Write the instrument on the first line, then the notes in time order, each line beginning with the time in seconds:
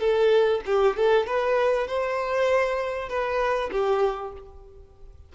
violin
0.00 A4
0.66 G4
0.97 A4
1.27 B4
1.88 C5
3.09 B4
3.72 G4